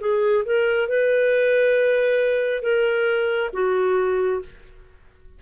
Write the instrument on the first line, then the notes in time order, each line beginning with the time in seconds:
clarinet
0.00 G#4
0.45 A#4
0.88 B4
2.62 A#4
3.53 F#4